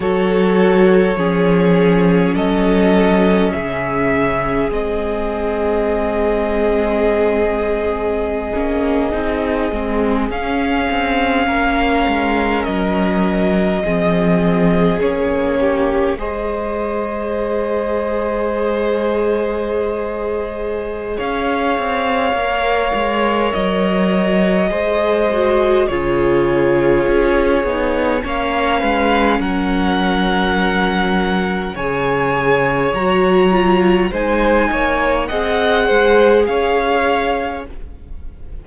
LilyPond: <<
  \new Staff \with { instrumentName = "violin" } { \time 4/4 \tempo 4 = 51 cis''2 dis''4 e''4 | dis''1~ | dis''8. f''2 dis''4~ dis''16~ | dis''8. cis''4 dis''2~ dis''16~ |
dis''2 f''2 | dis''2 cis''2 | f''4 fis''2 gis''4 | ais''4 gis''4 fis''4 f''4 | }
  \new Staff \with { instrumentName = "violin" } { \time 4/4 a'4 gis'4 a'4 gis'4~ | gis'1~ | gis'4.~ gis'16 ais'2 gis'16~ | gis'4~ gis'16 g'8 c''2~ c''16~ |
c''2 cis''2~ | cis''4 c''4 gis'2 | cis''8 b'8 ais'2 cis''4~ | cis''4 c''8 cis''8 dis''8 c''8 cis''4 | }
  \new Staff \with { instrumentName = "viola" } { \time 4/4 fis'4 cis'2. | c'2.~ c'16 cis'8 dis'16~ | dis'16 c'8 cis'2. c'16~ | c'8. cis'4 gis'2~ gis'16~ |
gis'2. ais'4~ | ais'4 gis'8 fis'8 f'4. dis'8 | cis'2. gis'4 | fis'8 f'8 dis'4 gis'2 | }
  \new Staff \with { instrumentName = "cello" } { \time 4/4 fis4 f4 fis4 cis4 | gis2.~ gis16 ais8 c'16~ | c'16 gis8 cis'8 c'8 ais8 gis8 fis4 f16~ | f8. ais4 gis2~ gis16~ |
gis2 cis'8 c'8 ais8 gis8 | fis4 gis4 cis4 cis'8 b8 | ais8 gis8 fis2 cis4 | fis4 gis8 ais8 c'8 gis8 cis'4 | }
>>